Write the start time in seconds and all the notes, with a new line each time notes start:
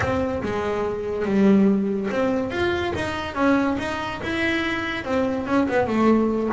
0.00 C4
0.43 G#3
1.25 G3
2.11 C4
2.50 F4
2.95 D#4
3.34 C#4
3.78 D#4
4.22 E4
5.04 C4
5.46 C#4
5.68 B3
5.87 A3